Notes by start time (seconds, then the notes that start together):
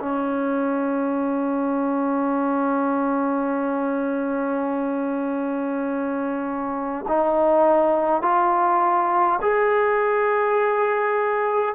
0.00 C#4
7.08 D#4
8.22 F4
9.42 G#4